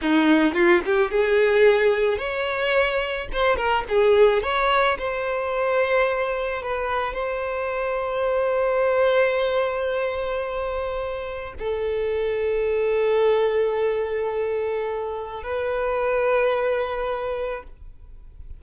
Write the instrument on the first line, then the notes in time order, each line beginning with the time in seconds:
violin
0.02 D#4
0.54 F4
0.85 G4
1.11 G#4
2.17 C#5
3.32 C5
3.56 A#4
3.88 G#4
4.42 C#5
4.98 C5
6.62 B4
7.13 C5
11.58 A4
15.43 B4